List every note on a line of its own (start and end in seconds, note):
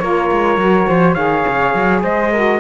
0.00 0.31 A#3
0.00 0.59 F4
0.00 0.89 A#4
0.00 1.14 C#5
0.32 0.57 G#3
0.57 0.86 F#3
0.57 1.15 F#4
0.89 1.16 F3
0.89 1.15 C5
1.14 1.45 D#3
1.14 2.31 G#4
1.14 2.01 C#5
1.14 2.01 F5
1.48 1.75 C#3
1.75 2.04 F#3
2.03 2.61 G#3
2.03 2.32 C5
2.03 2.61 D#5
2.32 2.61 F#4
2.32 2.61 A#4